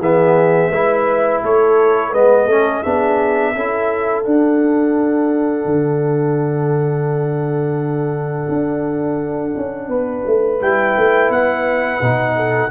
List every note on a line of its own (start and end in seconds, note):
0.00 0.71 E3
0.00 0.73 B3
0.00 0.71 G#4
0.00 1.44 E5
0.71 1.42 G#3
0.71 2.15 E4
0.71 1.42 B4
1.44 2.13 A3
1.44 2.10 A4
1.44 2.14 C#5
2.10 2.47 G#3
2.10 2.50 B3
2.10 2.45 B4
2.10 2.83 D#5
2.47 2.82 A3
2.47 2.85 C#4
2.47 2.82 A4
2.83 3.56 B3
2.83 3.55 D4
2.83 3.54 G#4
2.83 4.24 E5
3.56 4.26 C#4
3.56 4.25 E4
3.56 9.88 A4
4.24 10.60 D4
4.24 5.65 D4
4.24 10.60 F#5
5.65 8.48 D3
8.49 9.55 D4
9.57 9.89 C#4
9.88 10.24 B3
9.88 12.35 B4
10.27 10.61 A3
10.61 10.97 G3
10.61 12.02 E4
10.61 11.32 G5
10.97 11.30 A3
11.30 12.00 B3
11.30 12.71 F#5
12.02 12.71 B2
12.02 12.71 D#4
12.36 12.71 A4